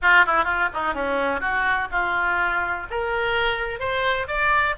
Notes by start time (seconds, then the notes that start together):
0.02 F4
0.26 E4
0.44 F4
0.73 D#4
0.94 C#4
1.40 F#4
1.91 F4
2.90 A#4
3.79 C5
4.27 D5